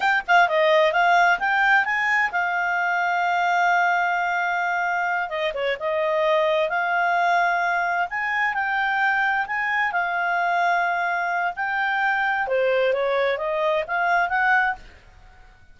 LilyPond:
\new Staff \with { instrumentName = "clarinet" } { \time 4/4 \tempo 4 = 130 g''8 f''8 dis''4 f''4 g''4 | gis''4 f''2.~ | f''2.~ f''8 dis''8 | cis''8 dis''2 f''4.~ |
f''4. gis''4 g''4.~ | g''8 gis''4 f''2~ f''8~ | f''4 g''2 c''4 | cis''4 dis''4 f''4 fis''4 | }